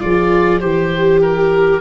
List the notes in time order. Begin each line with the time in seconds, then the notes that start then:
0.00 F3 F4 G#4 D5
0.60 E3 G4 C5
1.22 A#4